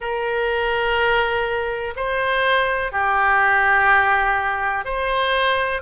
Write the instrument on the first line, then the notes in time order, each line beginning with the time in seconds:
oboe
0.00 A#4
1.96 C5
2.92 G4
4.84 C5